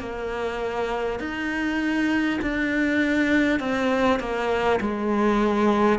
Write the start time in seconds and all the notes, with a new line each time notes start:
0.00 A#3
1.19 D#4
2.42 D4
3.59 C4
4.19 A#3
4.81 G#3